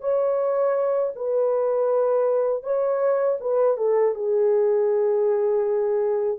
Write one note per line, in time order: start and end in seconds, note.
0.00 1.12 C#5
1.15 2.63 B4
2.63 3.38 C#5
3.40 3.77 B4
3.77 4.15 A4
4.15 6.38 G#4